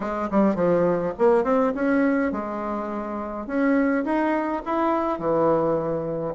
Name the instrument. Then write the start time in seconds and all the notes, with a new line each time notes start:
bassoon
0.00 G#3
0.30 G3
0.55 F3
1.18 A#3
1.44 C4
1.75 C#4
2.32 G#3
3.46 C#4
4.04 D#4
4.65 E4
5.18 E3